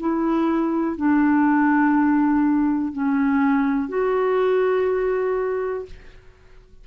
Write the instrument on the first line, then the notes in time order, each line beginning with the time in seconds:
clarinet
0.00 E4
0.97 D4
2.93 C#4
3.89 F#4